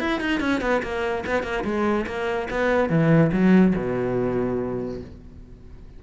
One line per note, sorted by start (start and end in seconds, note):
0.00 0.20 E4
0.20 0.41 D#4
0.41 0.61 C#4
0.61 0.82 B3
0.83 1.24 A#3
1.26 1.43 B3
1.43 1.64 A#3
1.64 2.06 G#3
2.07 2.48 A#3
2.51 2.90 B3
2.90 3.31 E3
3.32 3.74 F#3
3.76 5.01 B2